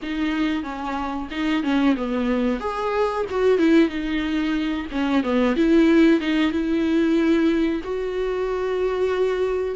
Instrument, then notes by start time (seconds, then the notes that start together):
viola
0.02 D#4
0.63 C#4
1.30 D#4
1.63 C#4
1.96 B3
2.60 G#4
3.30 F#4
3.58 E4
3.88 D#4
4.91 C#4
5.23 B3
5.56 E4
6.20 D#4
6.51 E4
7.83 F#4